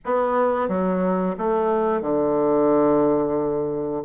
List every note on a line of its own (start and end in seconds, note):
0.05 0.68 B3
0.68 1.35 F#3
1.38 2.01 A3
2.01 4.03 D3